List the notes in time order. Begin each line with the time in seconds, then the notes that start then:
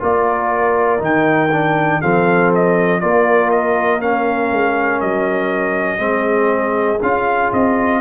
0.00 A#3 F4 A#4 D5
0.99 D#3 D#4 G5
1.52 D4
2.01 F3 C4 A4 F5
2.55 D#5
3.00 A#3 F4 A#4 D5
3.51 D#5
4.00 C#4 F5
4.52 G#3
5.01 F#3 D#5
5.98 G#3 C4 G#4
7.02 C#4 F4 F5
7.52 C4 D#5